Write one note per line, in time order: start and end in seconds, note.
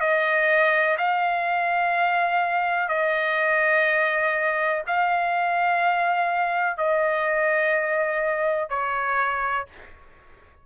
0.00 0.97 D#5
0.98 2.89 F5
2.89 4.82 D#5
4.87 6.77 F5
6.77 8.69 D#5
8.69 9.66 C#5